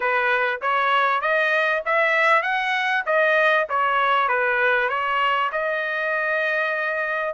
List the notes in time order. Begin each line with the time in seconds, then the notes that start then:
0.00 B4
0.61 C#5
1.21 D#5
1.85 E5
2.42 F#5
3.06 D#5
3.69 C#5
4.28 B4
4.89 C#5
5.52 D#5